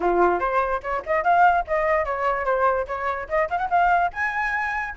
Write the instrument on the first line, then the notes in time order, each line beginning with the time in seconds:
flute
0.00 F4
0.39 C5
0.82 C#5
1.06 D#5
1.23 F5
1.67 D#5
2.05 C#5
2.45 C5
2.87 C#5
3.28 D#5
3.50 F5
3.58 F#5
3.70 F5
4.12 G#5